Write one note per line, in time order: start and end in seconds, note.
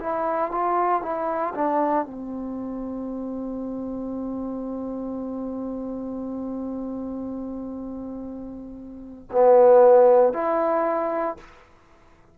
0.00 0.51 E4
0.51 1.02 F4
1.02 1.54 E4
1.55 2.05 D4
2.05 9.29 C4
9.32 10.34 B3
10.34 11.37 E4